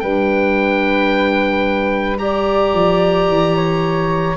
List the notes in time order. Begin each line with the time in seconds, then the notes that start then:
0.00 G3 D4 B4 G5
2.18 G4 D5 A#5
2.75 F3
3.29 E3
3.57 C#5